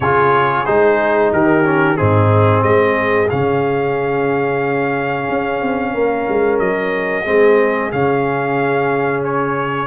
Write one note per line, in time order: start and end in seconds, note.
0.00 0.66 C#3
0.00 0.65 F4
0.00 1.33 G#4
0.00 0.65 C#5
0.65 1.32 G#3
0.65 1.63 D#4
0.65 1.31 C5
1.32 1.98 D#3
1.32 1.98 G4
1.32 1.96 A#4
1.63 1.96 C#4
1.96 2.62 G#2
1.96 3.28 C4
1.96 2.64 D#4
1.96 2.62 G#4
2.62 3.28 G#3
2.62 5.92 G#4
2.62 3.28 D#5
3.30 5.29 C#3
3.30 7.25 C#4
3.30 6.59 F5
5.29 5.61 C#4
5.61 5.93 C4
5.92 6.26 A#3
5.92 7.24 A#4
6.28 6.59 G#3
6.59 7.25 F#3
6.59 7.91 D#5
7.24 7.92 G#3
7.24 7.91 C4
7.24 9.86 G#4
7.91 9.86 C#3
7.91 9.86 C#4
7.91 9.23 F5
9.24 9.86 C#5